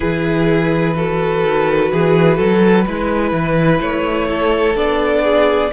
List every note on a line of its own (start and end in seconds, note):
0.00 1.43 E3
0.00 0.93 E4
0.00 0.94 G#4
0.00 3.80 B4
0.95 2.86 F#4
0.95 1.91 A4
1.43 1.90 D#3
1.91 2.38 E3
1.91 2.36 G#4
2.36 2.86 F#3
2.36 2.84 A4
2.85 3.32 G#3
2.85 4.75 E4
2.85 4.27 B4
3.32 3.79 E3
3.80 4.75 A3
3.80 4.76 C#5
4.29 5.23 A4
4.75 5.70 B3
4.75 5.70 D4
4.75 5.71 D5
5.23 5.71 G#4